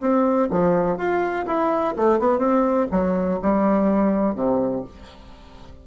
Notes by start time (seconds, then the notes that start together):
0.00 C4
0.50 F3
0.97 F4
1.46 E4
1.96 A3
2.19 B3
2.38 C4
2.91 F#3
3.42 G3
4.35 C3